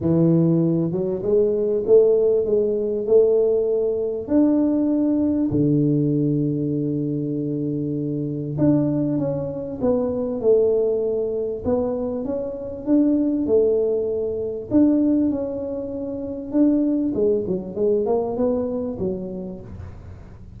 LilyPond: \new Staff \with { instrumentName = "tuba" } { \time 4/4 \tempo 4 = 98 e4. fis8 gis4 a4 | gis4 a2 d'4~ | d'4 d2.~ | d2 d'4 cis'4 |
b4 a2 b4 | cis'4 d'4 a2 | d'4 cis'2 d'4 | gis8 fis8 gis8 ais8 b4 fis4 | }